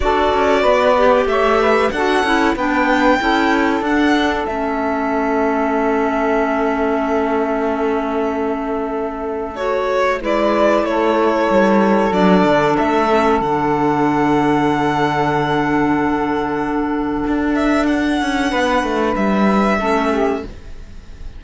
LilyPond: <<
  \new Staff \with { instrumentName = "violin" } { \time 4/4 \tempo 4 = 94 d''2 e''4 fis''4 | g''2 fis''4 e''4~ | e''1~ | e''2. cis''4 |
d''4 cis''2 d''4 | e''4 fis''2.~ | fis''2.~ fis''8 e''8 | fis''2 e''2 | }
  \new Staff \with { instrumentName = "saxophone" } { \time 4/4 a'4 b'4 cis''8 b'8 a'4 | b'4 a'2.~ | a'1~ | a'1 |
b'4 a'2.~ | a'1~ | a'1~ | a'4 b'2 a'8 g'8 | }
  \new Staff \with { instrumentName = "clarinet" } { \time 4/4 fis'4. g'4. fis'8 e'8 | d'4 e'4 d'4 cis'4~ | cis'1~ | cis'2. fis'4 |
e'2. d'4~ | d'8 cis'8 d'2.~ | d'1~ | d'2. cis'4 | }
  \new Staff \with { instrumentName = "cello" } { \time 4/4 d'8 cis'8 b4 a4 d'8 cis'8 | b4 cis'4 d'4 a4~ | a1~ | a1 |
gis4 a4 g4 fis8 d8 | a4 d2.~ | d2. d'4~ | d'8 cis'8 b8 a8 g4 a4 | }
>>